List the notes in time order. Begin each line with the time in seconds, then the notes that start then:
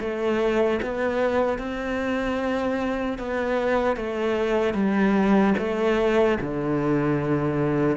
0.00 A3
0.82 B3
1.58 C4
3.18 B3
3.96 A3
4.74 G3
5.58 A3
6.40 D3